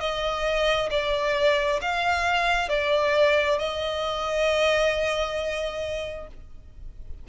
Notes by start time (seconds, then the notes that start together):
0.00 D#5
0.90 D5
1.82 F5
2.69 D5
3.59 D#5